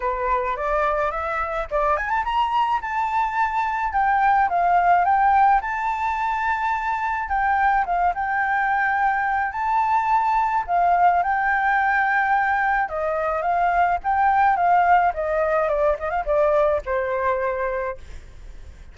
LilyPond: \new Staff \with { instrumentName = "flute" } { \time 4/4 \tempo 4 = 107 b'4 d''4 e''4 d''8 gis''16 a''16 | ais''4 a''2 g''4 | f''4 g''4 a''2~ | a''4 g''4 f''8 g''4.~ |
g''4 a''2 f''4 | g''2. dis''4 | f''4 g''4 f''4 dis''4 | d''8 dis''16 f''16 d''4 c''2 | }